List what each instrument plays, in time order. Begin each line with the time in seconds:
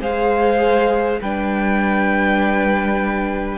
0.00 cello G#3, viola G#4, violin C5 F5
1.21 cello G3, viola D4, violin B4 G5